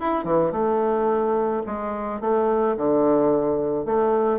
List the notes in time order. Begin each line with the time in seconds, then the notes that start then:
0.00 E4
0.24 E3
0.52 A3
1.66 G#3
2.21 A3
2.77 D3
3.86 A3